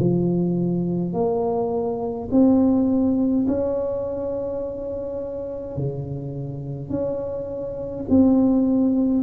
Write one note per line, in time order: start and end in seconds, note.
0.00 1.14 F3
1.14 2.29 A#3
2.31 3.47 C4
3.48 5.77 C#4
5.77 6.90 C#3
6.90 8.06 C#4
8.10 9.24 C4